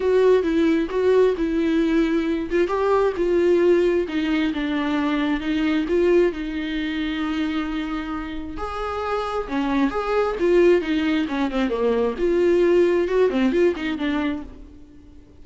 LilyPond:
\new Staff \with { instrumentName = "viola" } { \time 4/4 \tempo 4 = 133 fis'4 e'4 fis'4 e'4~ | e'4. f'8 g'4 f'4~ | f'4 dis'4 d'2 | dis'4 f'4 dis'2~ |
dis'2. gis'4~ | gis'4 cis'4 gis'4 f'4 | dis'4 cis'8 c'8 ais4 f'4~ | f'4 fis'8 c'8 f'8 dis'8 d'4 | }